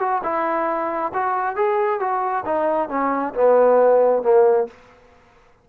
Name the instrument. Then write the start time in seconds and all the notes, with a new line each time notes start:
trombone
0.00 F#4
0.24 E4
1.14 F#4
1.56 G#4
2.00 F#4
2.46 D#4
2.90 C#4
3.35 B3
4.23 A#3